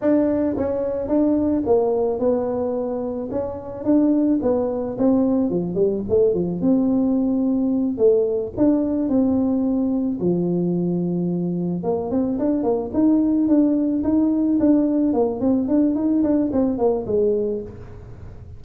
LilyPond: \new Staff \with { instrumentName = "tuba" } { \time 4/4 \tempo 4 = 109 d'4 cis'4 d'4 ais4 | b2 cis'4 d'4 | b4 c'4 f8 g8 a8 f8 | c'2~ c'8 a4 d'8~ |
d'8 c'2 f4.~ | f4. ais8 c'8 d'8 ais8 dis'8~ | dis'8 d'4 dis'4 d'4 ais8 | c'8 d'8 dis'8 d'8 c'8 ais8 gis4 | }